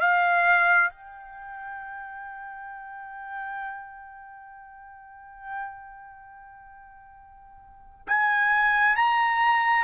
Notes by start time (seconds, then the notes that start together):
0.00 F5
0.90 G5
8.07 G#5
8.96 A#5